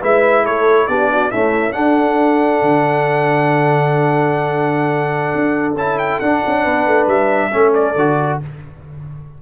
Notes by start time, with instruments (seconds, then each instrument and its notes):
0.00 tuba G#3, trombone E4, horn B4, trumpet E5
0.42 tuba A3, horn A4, trumpet C#5
0.87 tuba B3, trombone D4, horn G4, trumpet D5
1.13 horn F#4
1.31 trombone A3, tuba C#4, horn E4, trumpet E5
1.72 trombone D4, tuba D4, horn A4, trumpet F#5
2.62 tuba D3
5.36 tuba D4
5.75 tuba C#4, trombone E4, trumpet A5
5.99 trumpet G5
6.20 tuba D4, trombone D4, trumpet F#5
6.47 tuba C#4
6.63 tuba B3, horn B4
6.87 tuba A3
7.07 tuba G3, trumpet E5
7.51 tuba A3, trombone C#4, horn A4
7.74 trumpet D5
7.95 tuba D3, trombone F#4